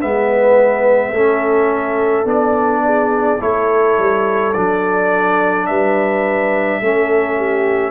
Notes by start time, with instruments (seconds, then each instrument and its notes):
0.00 tuba G#3, trombone B3, horn B4, trumpet E5
1.11 tuba A3, trombone C#4, horn A4
2.24 tuba B3, trombone D4, trumpet D5
2.84 horn G#4
3.40 tuba A3, trombone E4, horn A4, trumpet C#5
3.98 tuba G3
4.53 tuba F#3, trombone D4, trumpet D5
5.66 tuba G3, horn B4, trumpet E5
6.80 tuba A3, trombone C#4, horn A4
7.37 horn G4